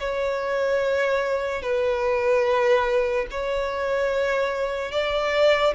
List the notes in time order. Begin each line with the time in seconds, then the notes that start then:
0.00 C#5
1.62 B4
3.31 C#5
4.92 D5